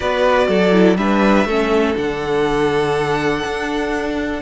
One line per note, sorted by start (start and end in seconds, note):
0.00 0.48 B3
0.00 0.71 F#4
0.00 0.47 B4
0.00 0.97 D5
0.48 0.97 F#3
0.48 0.97 A4
0.71 0.96 E4
0.97 1.45 G3
0.97 1.46 D4
0.97 1.47 B4
0.97 1.95 E5
1.45 1.94 A3
1.45 1.95 C#4
1.45 4.42 A4
1.95 3.44 D3
1.95 4.41 D4
1.95 4.42 F#5
3.45 4.42 D4